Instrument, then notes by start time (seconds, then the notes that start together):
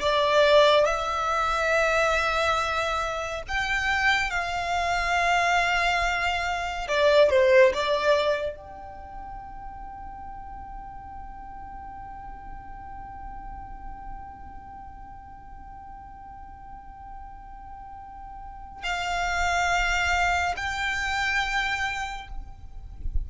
violin
0.00 D5
0.85 E5
3.48 G5
4.30 F5
6.88 D5
7.30 C5
7.73 D5
8.56 G5
18.83 F5
20.56 G5